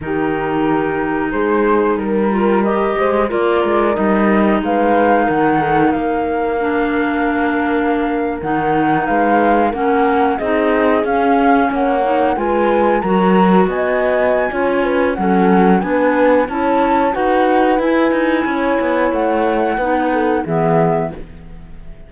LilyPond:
<<
  \new Staff \with { instrumentName = "flute" } { \time 4/4 \tempo 4 = 91 ais'2 c''4 ais'4 | dis''4 d''4 dis''4 f''4 | fis''4 f''2.~ | f''8. fis''4 f''4 fis''4 dis''16~ |
dis''8. f''4 fis''4 gis''4 ais''16~ | ais''8. gis''2~ gis''16 fis''4 | gis''4 a''4 fis''4 gis''4~ | gis''4 fis''2 e''4 | }
  \new Staff \with { instrumentName = "horn" } { \time 4/4 g'2 gis'4 ais'4~ | ais'8 c''8 ais'2 b'4 | ais'8 a'8 ais'2.~ | ais'4.~ ais'16 b'4 ais'4 gis'16~ |
gis'4.~ gis'16 cis''4 b'4 ais'16~ | ais'8. dis''4~ dis''16 cis''8 b'8 a'4 | b'4 cis''4 b'2 | cis''2 b'8 a'8 gis'4 | }
  \new Staff \with { instrumentName = "clarinet" } { \time 4/4 dis'2.~ dis'8 f'8 | g'4 f'4 dis'2~ | dis'2 d'2~ | d'8. dis'2 cis'4 dis'16~ |
dis'8. cis'4. dis'8 f'4 fis'16~ | fis'2 f'4 cis'4 | d'4 e'4 fis'4 e'4~ | e'2 dis'4 b4 | }
  \new Staff \with { instrumentName = "cello" } { \time 4/4 dis2 gis4 g4~ | g8 gis8 ais8 gis8 g4 gis4 | dis4 ais2.~ | ais8. dis4 gis4 ais4 c'16~ |
c'8. cis'4 ais4 gis4 fis16~ | fis8. b4~ b16 cis'4 fis4 | b4 cis'4 dis'4 e'8 dis'8 | cis'8 b8 a4 b4 e4 | }
>>